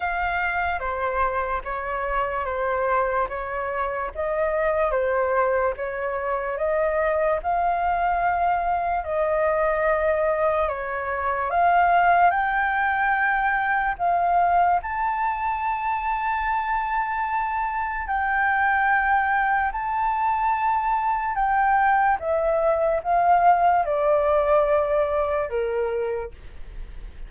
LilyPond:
\new Staff \with { instrumentName = "flute" } { \time 4/4 \tempo 4 = 73 f''4 c''4 cis''4 c''4 | cis''4 dis''4 c''4 cis''4 | dis''4 f''2 dis''4~ | dis''4 cis''4 f''4 g''4~ |
g''4 f''4 a''2~ | a''2 g''2 | a''2 g''4 e''4 | f''4 d''2 ais'4 | }